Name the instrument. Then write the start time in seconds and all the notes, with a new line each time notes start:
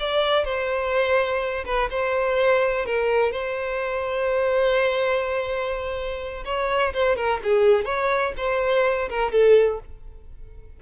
violin
0.00 D5
0.45 C5
1.65 B4
1.90 C5
2.86 A#4
3.32 C5
6.45 C#5
6.94 C5
7.16 A#4
7.44 G#4
7.85 C#5
8.37 C5
9.10 A#4
9.32 A4